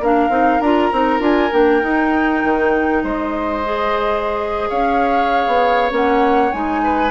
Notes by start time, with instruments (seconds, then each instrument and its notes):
0.00 bassoon A#3, clarinet D4, oboe A#4, flute F5
0.29 bassoon C4, clarinet D#4
0.60 bassoon D4, clarinet F4, flute A#5
0.92 bassoon C4, clarinet D#4
1.19 bassoon D4, clarinet F4, flute G#5
1.52 bassoon A#3, clarinet D4, flute G5
1.82 clarinet D#4, bassoon D#4
2.44 bassoon D#3
3.04 bassoon G#3, oboe C5, flute D#5
3.64 clarinet G#4
4.69 bassoon C#4, oboe C#5, flute F5
5.47 bassoon B3
5.90 bassoon A#3, clarinet C#4, flute F#5
6.52 bassoon G#3, clarinet D#4, flute G#5
6.83 oboe B4